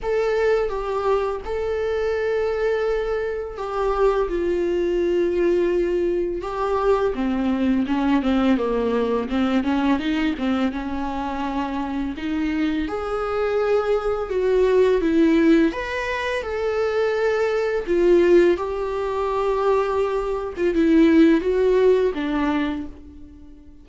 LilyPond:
\new Staff \with { instrumentName = "viola" } { \time 4/4 \tempo 4 = 84 a'4 g'4 a'2~ | a'4 g'4 f'2~ | f'4 g'4 c'4 cis'8 c'8 | ais4 c'8 cis'8 dis'8 c'8 cis'4~ |
cis'4 dis'4 gis'2 | fis'4 e'4 b'4 a'4~ | a'4 f'4 g'2~ | g'8. f'16 e'4 fis'4 d'4 | }